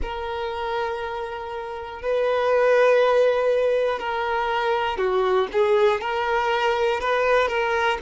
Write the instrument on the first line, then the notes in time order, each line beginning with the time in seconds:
violin
0.02 A#4
2.01 B4
3.99 A#4
4.97 F#4
5.52 G#4
6.00 A#4
7.00 B4
7.48 A#4